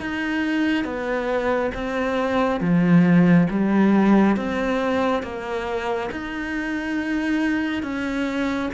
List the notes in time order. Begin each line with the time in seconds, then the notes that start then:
0.00 D#4
0.84 B3
1.74 C4
2.60 F3
3.50 G3
4.36 C4
5.23 A#3
6.11 D#4
7.83 C#4